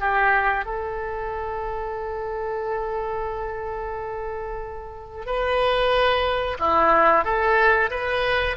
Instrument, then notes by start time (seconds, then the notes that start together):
oboe
0.00 G4
0.65 A4
5.26 B4
6.59 E4
7.24 A4
7.90 B4